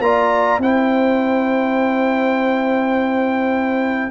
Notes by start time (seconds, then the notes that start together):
0.00 A#3 F4 D5 A#5
0.59 C4 E4 C5 G5